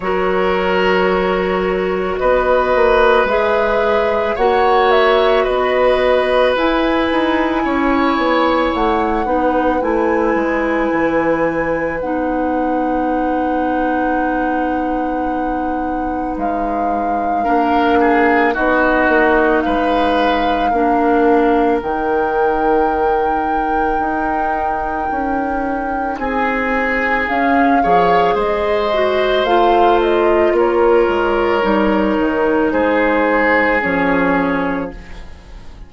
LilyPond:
<<
  \new Staff \with { instrumentName = "flute" } { \time 4/4 \tempo 4 = 55 cis''2 dis''4 e''4 | fis''8 e''8 dis''4 gis''2 | fis''4 gis''2 fis''4~ | fis''2. f''4~ |
f''4 dis''4 f''2 | g''1 | gis''4 f''4 dis''4 f''8 dis''8 | cis''2 c''4 cis''4 | }
  \new Staff \with { instrumentName = "oboe" } { \time 4/4 ais'2 b'2 | cis''4 b'2 cis''4~ | cis''8 b'2.~ b'8~ | b'1 |
ais'8 gis'8 fis'4 b'4 ais'4~ | ais'1 | gis'4. cis''8 c''2 | ais'2 gis'2 | }
  \new Staff \with { instrumentName = "clarinet" } { \time 4/4 fis'2. gis'4 | fis'2 e'2~ | e'8 dis'8 e'2 dis'4~ | dis'1 |
d'4 dis'2 d'4 | dis'1~ | dis'4 cis'8 gis'4 fis'8 f'4~ | f'4 dis'2 cis'4 | }
  \new Staff \with { instrumentName = "bassoon" } { \time 4/4 fis2 b8 ais8 gis4 | ais4 b4 e'8 dis'8 cis'8 b8 | a8 b8 a8 gis8 e4 b4~ | b2. gis4 |
ais4 b8 ais8 gis4 ais4 | dis2 dis'4 cis'4 | c'4 cis'8 f8 gis4 a4 | ais8 gis8 g8 dis8 gis4 f4 | }
>>